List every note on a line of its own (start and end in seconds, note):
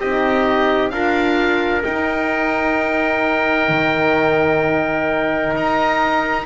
0.00 0.92 C4
0.00 0.92 D#4
0.00 0.93 G4
0.00 0.90 D#5
0.90 1.84 D4
0.90 1.82 F4
0.90 6.47 A#4
0.90 1.82 F5
1.82 6.43 D#4
1.82 3.69 D#4
1.82 5.54 G5
3.69 5.54 D#3
5.55 6.47 D#4
5.55 6.47 A#5